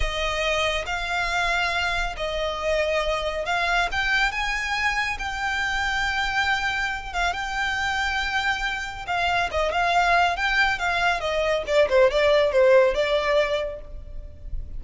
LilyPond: \new Staff \with { instrumentName = "violin" } { \time 4/4 \tempo 4 = 139 dis''2 f''2~ | f''4 dis''2. | f''4 g''4 gis''2 | g''1~ |
g''8 f''8 g''2.~ | g''4 f''4 dis''8 f''4. | g''4 f''4 dis''4 d''8 c''8 | d''4 c''4 d''2 | }